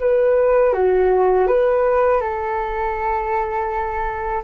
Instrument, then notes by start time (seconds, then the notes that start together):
flute
0.00 B4
0.73 F#4
1.47 B4
2.21 A4